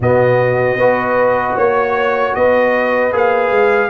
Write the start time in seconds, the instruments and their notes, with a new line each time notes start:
0.00 tuba B2, trombone B3, horn F#4, trumpet D#5
0.76 tuba B3, trombone F#4, horn B4
1.55 tuba A#3, horn C#5, trumpet C#5
2.34 tuba B3, horn B4, trumpet D#5
3.12 tuba A#3, trombone G#4, trumpet F5
3.51 tuba G#3